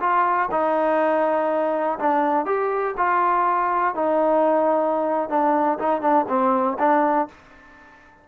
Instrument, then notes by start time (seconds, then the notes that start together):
trombone
0.00 F4
0.51 D#4
1.99 D4
2.46 G4
2.98 F4
3.95 D#4
5.29 D4
5.79 D#4
6.01 D4
6.29 C4
6.79 D4